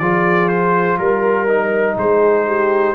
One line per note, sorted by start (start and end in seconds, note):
0.00 0.99 F3
0.00 1.48 F4
0.00 0.99 G#4
0.00 0.49 D5
0.49 0.98 C5
0.99 1.97 G3
0.99 1.97 A#4
1.48 2.95 D#4
1.98 2.95 G#3
1.98 2.47 G#4
1.98 2.95 C5
2.47 2.95 G4